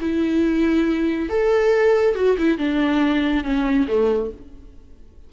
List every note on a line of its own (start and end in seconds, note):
0.00 1.29 E4
1.29 2.15 A4
2.15 2.36 F#4
2.37 2.57 E4
2.57 3.43 D4
3.43 3.87 C#4
3.87 4.30 A3